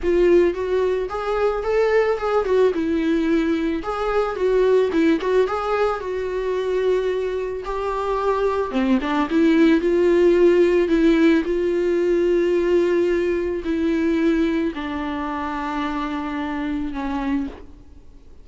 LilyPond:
\new Staff \with { instrumentName = "viola" } { \time 4/4 \tempo 4 = 110 f'4 fis'4 gis'4 a'4 | gis'8 fis'8 e'2 gis'4 | fis'4 e'8 fis'8 gis'4 fis'4~ | fis'2 g'2 |
c'8 d'8 e'4 f'2 | e'4 f'2.~ | f'4 e'2 d'4~ | d'2. cis'4 | }